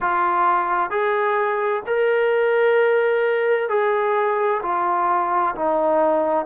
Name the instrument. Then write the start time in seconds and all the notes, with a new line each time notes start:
trombone
0.00 F4
0.90 G#4
1.86 A#4
3.69 G#4
4.62 F4
5.55 D#4